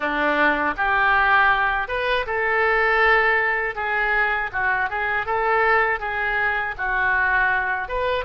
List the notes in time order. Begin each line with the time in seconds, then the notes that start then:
0.00 D4
0.77 G4
1.88 B4
2.26 A4
3.75 G#4
4.52 F#4
4.89 G#4
5.26 A4
5.99 G#4
6.77 F#4
7.88 B4